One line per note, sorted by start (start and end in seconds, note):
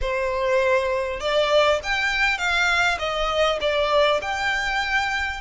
0.01 1.19 C5
1.19 1.79 D5
1.83 2.38 G5
2.38 2.98 F5
2.98 3.58 D#5
3.61 4.21 D5
4.21 5.41 G5